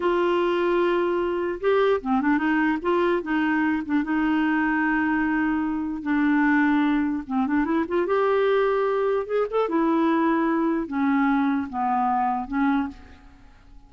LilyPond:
\new Staff \with { instrumentName = "clarinet" } { \time 4/4 \tempo 4 = 149 f'1 | g'4 c'8 d'8 dis'4 f'4 | dis'4. d'8 dis'2~ | dis'2. d'4~ |
d'2 c'8 d'8 e'8 f'8 | g'2. gis'8 a'8 | e'2. cis'4~ | cis'4 b2 cis'4 | }